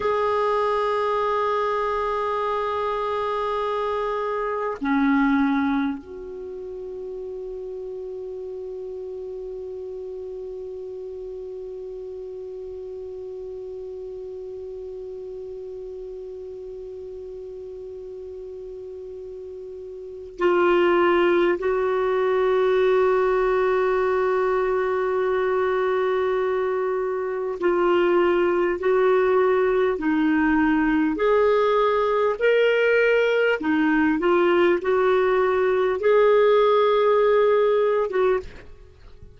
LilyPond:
\new Staff \with { instrumentName = "clarinet" } { \time 4/4 \tempo 4 = 50 gis'1 | cis'4 fis'2.~ | fis'1~ | fis'1~ |
fis'4 f'4 fis'2~ | fis'2. f'4 | fis'4 dis'4 gis'4 ais'4 | dis'8 f'8 fis'4 gis'4.~ gis'16 fis'16 | }